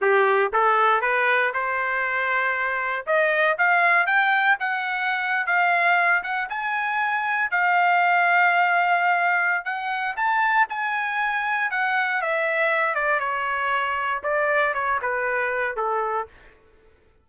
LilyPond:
\new Staff \with { instrumentName = "trumpet" } { \time 4/4 \tempo 4 = 118 g'4 a'4 b'4 c''4~ | c''2 dis''4 f''4 | g''4 fis''4.~ fis''16 f''4~ f''16~ | f''16 fis''8 gis''2 f''4~ f''16~ |
f''2. fis''4 | a''4 gis''2 fis''4 | e''4. d''8 cis''2 | d''4 cis''8 b'4. a'4 | }